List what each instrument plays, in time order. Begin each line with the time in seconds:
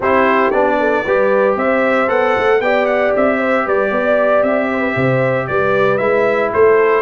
0.00 tuba C4, trombone E4, horn G4, trumpet C5
0.50 tuba B3, trombone D4, trumpet D5
0.79 horn A4
1.04 tuba G3, trombone G4, horn B4
1.55 tuba C4, horn C5, trumpet E5
2.07 tuba B3, trombone A4, trumpet F#5
2.37 tuba A3
2.60 tuba B3, trombone G4, horn D5, trumpet G5
2.86 trumpet F#5
3.16 tuba C4, trumpet E5
3.38 horn C5
3.65 tuba G3, horn B4, trumpet D5
3.90 tuba B3, horn D5
4.42 tuba C4, trumpet E5
4.70 horn C5
4.79 horn B4
4.95 tuba C3, horn C5
5.47 tuba G3, horn B4, trumpet D5
5.97 tuba G#3, trombone E4, trumpet E5
6.53 tuba A3, horn A4, trumpet C5